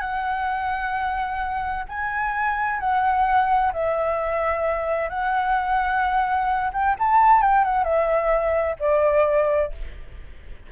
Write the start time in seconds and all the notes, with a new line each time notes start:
0.00 F#5
1.88 G#5
2.79 F#5
3.73 E5
5.09 F#5
6.73 G5
6.99 A5
7.41 G5
7.64 F#5
7.84 E5
8.79 D5